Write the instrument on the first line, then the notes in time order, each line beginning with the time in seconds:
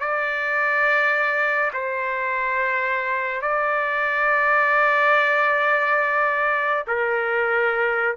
trumpet
0.00 D5
1.73 C5
3.42 D5
6.88 A#4